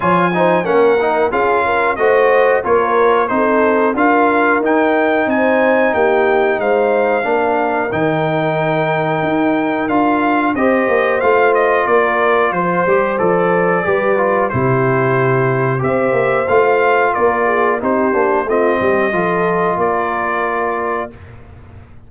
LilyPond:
<<
  \new Staff \with { instrumentName = "trumpet" } { \time 4/4 \tempo 4 = 91 gis''4 fis''4 f''4 dis''4 | cis''4 c''4 f''4 g''4 | gis''4 g''4 f''2 | g''2. f''4 |
dis''4 f''8 dis''8 d''4 c''4 | d''2 c''2 | e''4 f''4 d''4 c''4 | dis''2 d''2 | }
  \new Staff \with { instrumentName = "horn" } { \time 4/4 cis''8 c''8 ais'4 gis'8 ais'8 c''4 | ais'4 a'4 ais'2 | c''4 g'4 c''4 ais'4~ | ais'1 |
c''2 ais'4 c''4~ | c''4 b'4 g'2 | c''2 ais'8 gis'8 g'4 | f'8 g'8 a'4 ais'2 | }
  \new Staff \with { instrumentName = "trombone" } { \time 4/4 f'8 dis'8 cis'8 dis'8 f'4 fis'4 | f'4 dis'4 f'4 dis'4~ | dis'2. d'4 | dis'2. f'4 |
g'4 f'2~ f'8 g'8 | a'4 g'8 f'8 e'2 | g'4 f'2 dis'8 d'8 | c'4 f'2. | }
  \new Staff \with { instrumentName = "tuba" } { \time 4/4 f4 ais4 cis'4 a4 | ais4 c'4 d'4 dis'4 | c'4 ais4 gis4 ais4 | dis2 dis'4 d'4 |
c'8 ais8 a4 ais4 f8 g8 | f4 g4 c2 | c'8 ais8 a4 ais4 c'8 ais8 | a8 g8 f4 ais2 | }
>>